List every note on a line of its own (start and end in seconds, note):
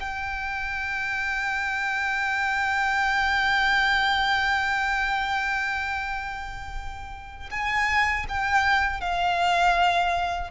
0.00 7.50 G5
7.51 8.26 G#5
8.29 9.00 G5
9.00 10.50 F5